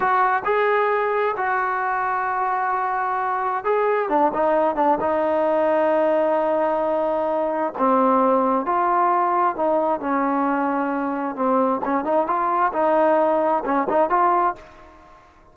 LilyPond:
\new Staff \with { instrumentName = "trombone" } { \time 4/4 \tempo 4 = 132 fis'4 gis'2 fis'4~ | fis'1 | gis'4 d'8 dis'4 d'8 dis'4~ | dis'1~ |
dis'4 c'2 f'4~ | f'4 dis'4 cis'2~ | cis'4 c'4 cis'8 dis'8 f'4 | dis'2 cis'8 dis'8 f'4 | }